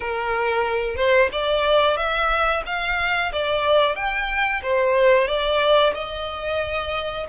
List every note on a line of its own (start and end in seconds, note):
0.00 0.96 A#4
0.96 1.29 C5
1.32 1.97 D5
1.97 2.63 E5
2.66 3.31 F5
3.32 3.95 D5
3.95 4.61 G5
4.62 5.27 C5
5.27 5.93 D5
5.94 7.26 D#5